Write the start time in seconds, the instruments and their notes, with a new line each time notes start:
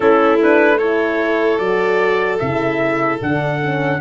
0.00 tuba A3, horn C#4, violin E4, trumpet A4
0.42 horn D4, trumpet B4
0.78 horn E4, violin A4, trumpet C#5
1.58 tuba F#3, horn F#4, trumpet D5
2.39 tuba C#3, horn E4, trumpet E5
3.21 tuba D3, horn D4, trumpet F#5
3.60 horn C#4